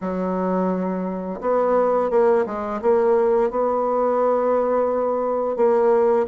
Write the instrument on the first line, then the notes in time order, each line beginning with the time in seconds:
bassoon
0.01 F#3
1.40 B3
2.10 A#3
2.46 G#3
2.81 A#3
3.50 B3
5.56 A#3